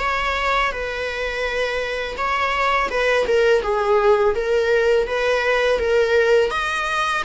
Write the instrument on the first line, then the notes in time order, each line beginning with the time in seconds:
viola
0.00 C#5
0.72 B4
2.18 C#5
2.91 B4
3.28 A#4
3.63 G#4
4.35 A#4
5.08 B4
5.80 A#4
6.51 D#5